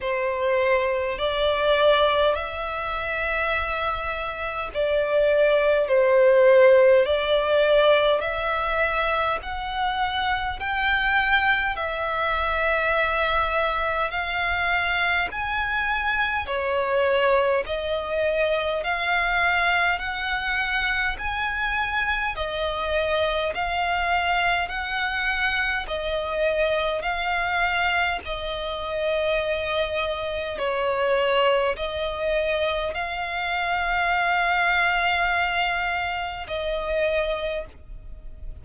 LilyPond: \new Staff \with { instrumentName = "violin" } { \time 4/4 \tempo 4 = 51 c''4 d''4 e''2 | d''4 c''4 d''4 e''4 | fis''4 g''4 e''2 | f''4 gis''4 cis''4 dis''4 |
f''4 fis''4 gis''4 dis''4 | f''4 fis''4 dis''4 f''4 | dis''2 cis''4 dis''4 | f''2. dis''4 | }